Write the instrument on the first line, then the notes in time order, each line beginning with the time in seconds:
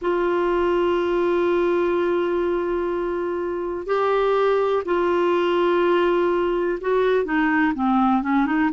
clarinet
0.01 F4
3.86 G4
4.85 F4
6.80 F#4
7.24 D#4
7.74 C4
8.22 C#4
8.45 D#4